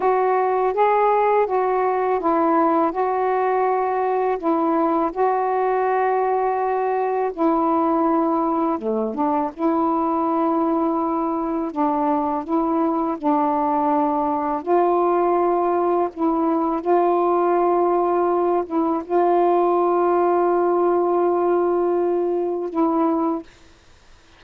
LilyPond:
\new Staff \with { instrumentName = "saxophone" } { \time 4/4 \tempo 4 = 82 fis'4 gis'4 fis'4 e'4 | fis'2 e'4 fis'4~ | fis'2 e'2 | a8 d'8 e'2. |
d'4 e'4 d'2 | f'2 e'4 f'4~ | f'4. e'8 f'2~ | f'2. e'4 | }